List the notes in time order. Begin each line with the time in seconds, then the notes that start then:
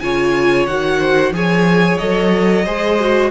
0.00 C#3 F4 C#5 G#5
0.67 D#3 F#4 F#5
1.00 C5
1.31 F3 G#4 C#5 G#5
1.98 F#3 A4 D#5
2.65 G#3 G#4 C5
3.00 F#4